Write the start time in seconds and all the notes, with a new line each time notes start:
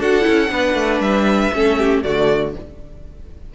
0.00 D4 F#4 A4 F#5
0.22 C#4 E4
0.51 B3 D4 B4
0.75 A3
1.00 G3 E5
1.53 A3 C#4 A4
1.79 G4
2.03 D3 A3 F#4 D5